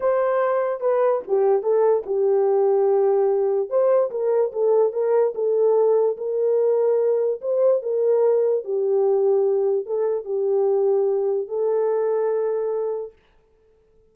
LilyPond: \new Staff \with { instrumentName = "horn" } { \time 4/4 \tempo 4 = 146 c''2 b'4 g'4 | a'4 g'2.~ | g'4 c''4 ais'4 a'4 | ais'4 a'2 ais'4~ |
ais'2 c''4 ais'4~ | ais'4 g'2. | a'4 g'2. | a'1 | }